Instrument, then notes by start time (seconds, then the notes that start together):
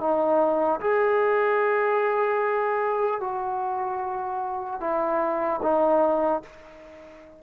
trombone
0.00 D#4
0.80 G#4
3.20 F#4
4.80 E4
5.63 D#4